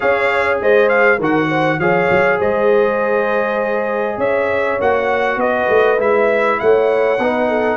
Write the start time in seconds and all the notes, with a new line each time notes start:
0.00 C#4 G#4 C#5 F5
0.61 G#3 C5 D#5
0.89 F5
1.18 D#3 F#4 A#4 F#5
1.48 C5
1.78 F3 G#4 C#5 F5
2.10 F#3
2.38 G#3 C5 D#5
4.17 C#4 C#5 E5
4.80 A#3 F#4 F#5
5.36 B3 B4 D#5
5.68 A3
5.97 G#3 E4 E5
6.59 A3 C#5 F#5
7.19 B3 D#4 B4
7.48 A4